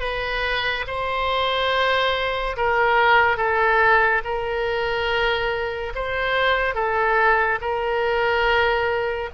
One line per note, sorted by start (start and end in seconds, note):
0.00 0.85 B4
0.87 2.56 C5
2.56 3.37 A#4
3.37 4.21 A4
4.24 5.93 A#4
5.95 6.74 C5
6.74 7.59 A4
7.61 9.30 A#4